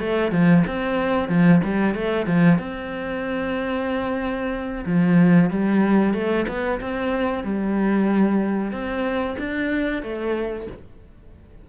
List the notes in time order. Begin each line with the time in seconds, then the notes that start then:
0.00 A3
0.31 F3
0.67 C4
1.29 F3
1.64 G3
1.95 A3
2.26 F3
2.59 C4
4.86 F3
5.50 G3
6.14 A3
6.48 B3
6.81 C4
7.44 G3
8.72 C4
9.39 D4
10.03 A3